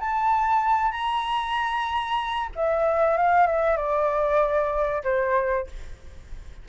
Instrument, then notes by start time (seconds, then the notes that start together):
flute
0.00 A5
0.92 A#5
2.55 E5
3.17 F5
3.47 E5
3.76 D5
5.04 C5